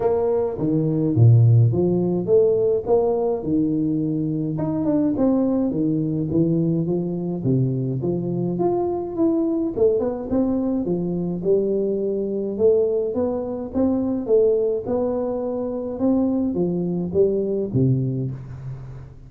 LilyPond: \new Staff \with { instrumentName = "tuba" } { \time 4/4 \tempo 4 = 105 ais4 dis4 ais,4 f4 | a4 ais4 dis2 | dis'8 d'8 c'4 dis4 e4 | f4 c4 f4 f'4 |
e'4 a8 b8 c'4 f4 | g2 a4 b4 | c'4 a4 b2 | c'4 f4 g4 c4 | }